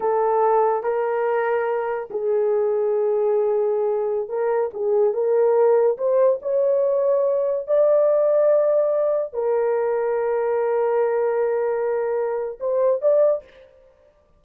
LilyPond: \new Staff \with { instrumentName = "horn" } { \time 4/4 \tempo 4 = 143 a'2 ais'2~ | ais'4 gis'2.~ | gis'2~ gis'16 ais'4 gis'8.~ | gis'16 ais'2 c''4 cis''8.~ |
cis''2~ cis''16 d''4.~ d''16~ | d''2~ d''16 ais'4.~ ais'16~ | ais'1~ | ais'2 c''4 d''4 | }